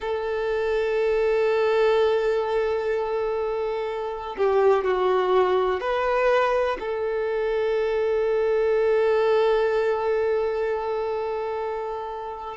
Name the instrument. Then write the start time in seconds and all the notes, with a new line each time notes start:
violin
0.00 A4
4.37 G4
4.84 F#4
5.80 B4
6.79 A4